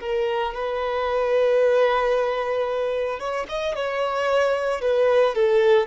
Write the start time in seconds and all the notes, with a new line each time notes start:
0.00 A#4
0.54 B4
3.19 C#5
3.49 D#5
3.75 C#5
4.81 B4
5.34 A4